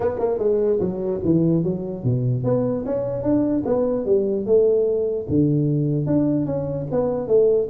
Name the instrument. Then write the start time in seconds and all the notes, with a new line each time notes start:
tuba
0.00 B3
0.18 A#3
0.38 G#3
0.79 F#3
1.24 E3
1.63 F#3
2.03 B2
2.44 B3
2.85 C#4
3.22 D4
3.65 B3
4.05 G3
4.45 A3
5.28 D3
6.06 D4
6.46 C#4
6.91 B3
7.27 A3